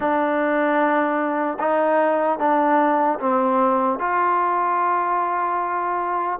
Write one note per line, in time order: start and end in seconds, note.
0.00 1.57 D4
1.59 2.39 D#4
2.39 3.19 D4
3.19 3.99 C4
3.99 6.39 F4